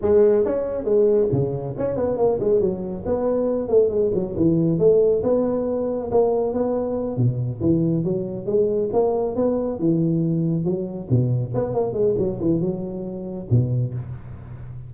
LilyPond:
\new Staff \with { instrumentName = "tuba" } { \time 4/4 \tempo 4 = 138 gis4 cis'4 gis4 cis4 | cis'8 b8 ais8 gis8 fis4 b4~ | b8 a8 gis8 fis8 e4 a4 | b2 ais4 b4~ |
b8 b,4 e4 fis4 gis8~ | gis8 ais4 b4 e4.~ | e8 fis4 b,4 b8 ais8 gis8 | fis8 e8 fis2 b,4 | }